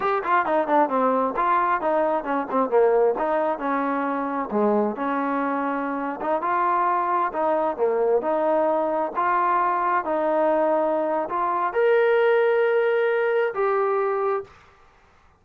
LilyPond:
\new Staff \with { instrumentName = "trombone" } { \time 4/4 \tempo 4 = 133 g'8 f'8 dis'8 d'8 c'4 f'4 | dis'4 cis'8 c'8 ais4 dis'4 | cis'2 gis4 cis'4~ | cis'4.~ cis'16 dis'8 f'4.~ f'16~ |
f'16 dis'4 ais4 dis'4.~ dis'16~ | dis'16 f'2 dis'4.~ dis'16~ | dis'4 f'4 ais'2~ | ais'2 g'2 | }